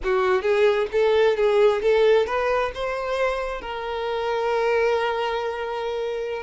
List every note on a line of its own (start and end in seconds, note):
0.03 0.42 F#4
0.42 0.87 G#4
0.91 1.37 A4
1.37 1.82 G#4
1.82 2.26 A4
2.26 2.71 B4
2.74 3.61 C5
3.61 6.42 A#4